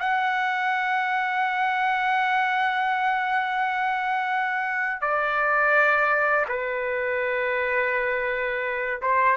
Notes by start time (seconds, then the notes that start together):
0.00 F#5
5.01 D5
6.49 B4
9.02 C5